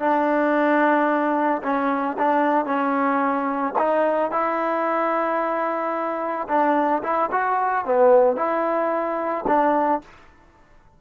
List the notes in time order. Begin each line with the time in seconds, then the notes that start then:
0.00 D4
1.63 C#4
2.18 D4
2.66 C#4
3.79 D#4
4.31 E4
6.48 D4
7.03 E4
7.32 F#4
7.86 B3
8.37 E4
9.47 D4